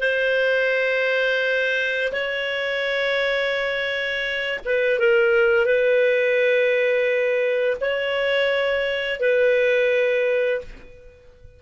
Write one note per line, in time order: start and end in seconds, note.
0.00 2.12 C5
2.12 4.59 C#5
4.65 4.99 B4
4.99 5.65 A#4
5.65 7.77 B4
7.80 9.20 C#5
9.20 10.61 B4